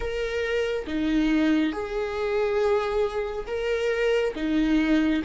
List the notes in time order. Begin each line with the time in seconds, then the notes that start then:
0.00 A#4
0.87 D#4
1.72 G#4
3.46 A#4
4.35 D#4